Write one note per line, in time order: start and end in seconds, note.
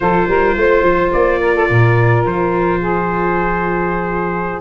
0.00 0.27 F3
0.00 4.61 F4
0.00 0.28 A4
0.00 1.12 C5
0.27 0.55 G3
0.27 0.56 A#4
0.55 0.82 A3
0.55 1.40 C5
0.82 1.10 F3
1.12 1.69 A#3
1.12 2.24 D5
1.40 1.54 A#4
1.54 1.68 A4
1.69 2.24 A#2
1.69 2.80 A#4
2.24 4.61 F3
2.24 4.61 C5
2.80 4.61 G#4